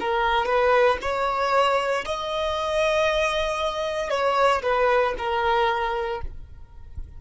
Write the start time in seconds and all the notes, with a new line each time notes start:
0.00 A#4
0.46 B4
1.02 C#5
2.05 D#5
4.10 C#5
4.63 B4
5.18 A#4